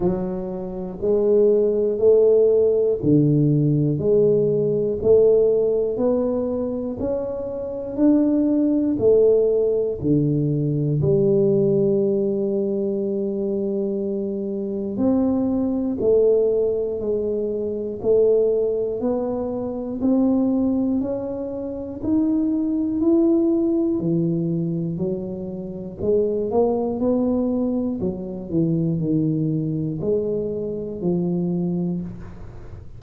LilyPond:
\new Staff \with { instrumentName = "tuba" } { \time 4/4 \tempo 4 = 60 fis4 gis4 a4 d4 | gis4 a4 b4 cis'4 | d'4 a4 d4 g4~ | g2. c'4 |
a4 gis4 a4 b4 | c'4 cis'4 dis'4 e'4 | e4 fis4 gis8 ais8 b4 | fis8 e8 dis4 gis4 f4 | }